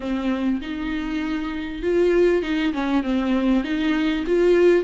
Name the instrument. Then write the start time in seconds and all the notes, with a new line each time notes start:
viola
0.00 C4
0.61 D#4
1.82 F4
2.42 D#4
2.73 C#4
3.03 C4
3.64 D#4
4.26 F4